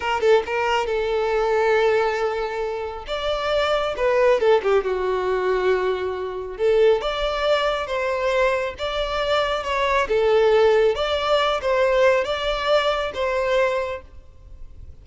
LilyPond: \new Staff \with { instrumentName = "violin" } { \time 4/4 \tempo 4 = 137 ais'8 a'8 ais'4 a'2~ | a'2. d''4~ | d''4 b'4 a'8 g'8 fis'4~ | fis'2. a'4 |
d''2 c''2 | d''2 cis''4 a'4~ | a'4 d''4. c''4. | d''2 c''2 | }